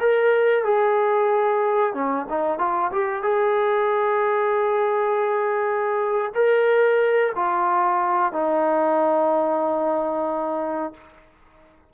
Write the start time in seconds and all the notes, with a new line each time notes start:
0.00 A#4
0.64 G#4
1.94 C#4
2.29 D#4
2.58 F4
2.92 G4
3.23 G#4
6.35 A#4
7.35 F4
8.32 D#4